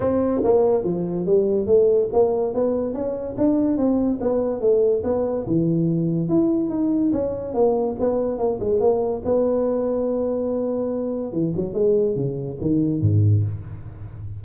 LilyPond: \new Staff \with { instrumentName = "tuba" } { \time 4/4 \tempo 4 = 143 c'4 ais4 f4 g4 | a4 ais4 b4 cis'4 | d'4 c'4 b4 a4 | b4 e2 e'4 |
dis'4 cis'4 ais4 b4 | ais8 gis8 ais4 b2~ | b2. e8 fis8 | gis4 cis4 dis4 gis,4 | }